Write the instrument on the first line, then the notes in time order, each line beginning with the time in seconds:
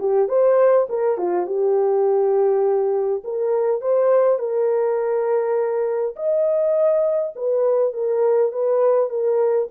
horn
0.00 G4
0.29 C5
0.90 A#4
1.18 F4
1.47 G4
3.24 A#4
3.82 C5
4.39 A#4
6.17 D#5
7.36 B4
7.94 A#4
8.52 B4
9.10 A#4